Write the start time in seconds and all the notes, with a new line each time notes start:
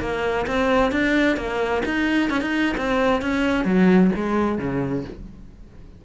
0.00 A#3
0.46 C4
0.92 D4
1.37 A#3
1.85 D#4
2.30 C#4
2.41 D#4
2.77 C4
3.22 C#4
3.65 F#3
4.15 G#3
4.58 C#3